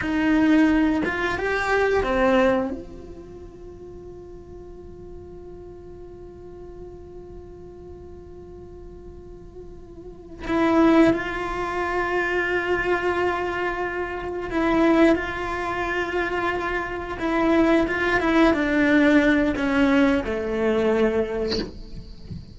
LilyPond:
\new Staff \with { instrumentName = "cello" } { \time 4/4 \tempo 4 = 89 dis'4. f'8 g'4 c'4 | f'1~ | f'1~ | f'2.~ f'8 e'8~ |
e'8 f'2.~ f'8~ | f'4. e'4 f'4.~ | f'4. e'4 f'8 e'8 d'8~ | d'4 cis'4 a2 | }